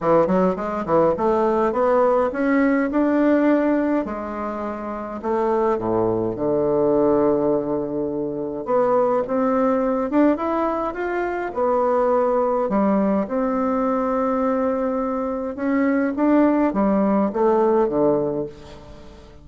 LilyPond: \new Staff \with { instrumentName = "bassoon" } { \time 4/4 \tempo 4 = 104 e8 fis8 gis8 e8 a4 b4 | cis'4 d'2 gis4~ | gis4 a4 a,4 d4~ | d2. b4 |
c'4. d'8 e'4 f'4 | b2 g4 c'4~ | c'2. cis'4 | d'4 g4 a4 d4 | }